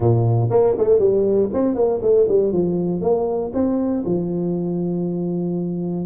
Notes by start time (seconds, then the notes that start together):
0.00 A#2
0.50 A#3
0.78 A3
0.99 G3
1.53 C4
1.75 A#3
2.02 A3
2.28 G3
2.52 F3
3.01 A#3
3.53 C4
4.05 F3